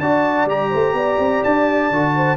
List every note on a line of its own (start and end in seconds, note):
0.00 0.46 D4
0.00 0.49 F#4
0.00 0.70 D5
0.00 0.48 A5
0.46 0.70 G3
0.46 1.92 G4
0.46 1.44 A#5
0.70 0.94 A3
0.70 0.94 C5
0.94 1.18 B3
0.94 2.15 D5
1.19 1.42 C4
1.44 1.91 D4
1.44 2.37 A5
1.91 2.37 D3
1.91 2.37 F#4
2.16 2.37 C5